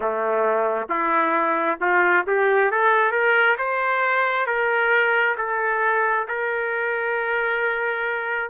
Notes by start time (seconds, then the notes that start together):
0.00 A3
0.89 E4
1.80 F4
2.26 G4
2.71 A4
3.11 A#4
3.58 C5
4.46 A#4
5.37 A4
6.28 A#4